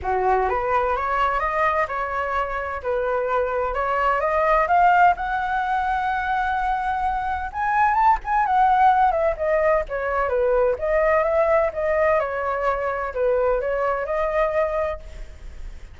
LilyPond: \new Staff \with { instrumentName = "flute" } { \time 4/4 \tempo 4 = 128 fis'4 b'4 cis''4 dis''4 | cis''2 b'2 | cis''4 dis''4 f''4 fis''4~ | fis''1 |
gis''4 a''8 gis''8 fis''4. e''8 | dis''4 cis''4 b'4 dis''4 | e''4 dis''4 cis''2 | b'4 cis''4 dis''2 | }